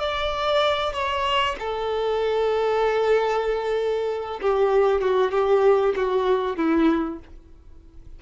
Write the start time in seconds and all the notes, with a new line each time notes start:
0.00 D5
0.93 C#5
1.60 A4
4.41 G4
5.01 F#4
5.32 G4
5.96 F#4
6.57 E4